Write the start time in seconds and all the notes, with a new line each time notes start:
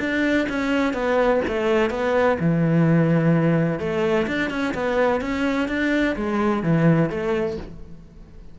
0.00 D4
0.49 C#4
0.94 B3
1.48 A3
1.90 B3
2.40 E3
3.79 A3
4.27 D4
4.50 C#4
4.74 B3
5.21 C#4
5.68 D4
6.16 G#3
6.63 E3
7.10 A3